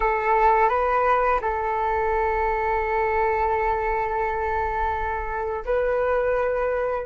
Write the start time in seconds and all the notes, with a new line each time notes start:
0.00 A4
0.69 B4
1.41 A4
5.65 B4